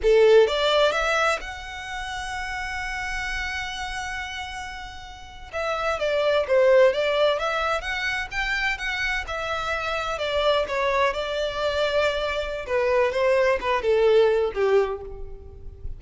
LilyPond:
\new Staff \with { instrumentName = "violin" } { \time 4/4 \tempo 4 = 128 a'4 d''4 e''4 fis''4~ | fis''1~ | fis''2.~ fis''8. e''16~ | e''8. d''4 c''4 d''4 e''16~ |
e''8. fis''4 g''4 fis''4 e''16~ | e''4.~ e''16 d''4 cis''4 d''16~ | d''2. b'4 | c''4 b'8 a'4. g'4 | }